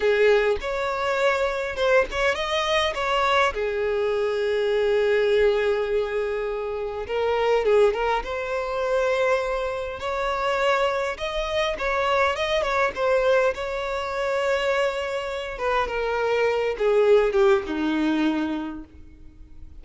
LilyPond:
\new Staff \with { instrumentName = "violin" } { \time 4/4 \tempo 4 = 102 gis'4 cis''2 c''8 cis''8 | dis''4 cis''4 gis'2~ | gis'1 | ais'4 gis'8 ais'8 c''2~ |
c''4 cis''2 dis''4 | cis''4 dis''8 cis''8 c''4 cis''4~ | cis''2~ cis''8 b'8 ais'4~ | ais'8 gis'4 g'8 dis'2 | }